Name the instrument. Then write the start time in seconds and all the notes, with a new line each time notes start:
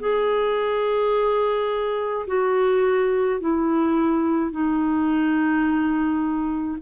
clarinet
0.00 G#4
2.27 F#4
3.40 E4
4.51 D#4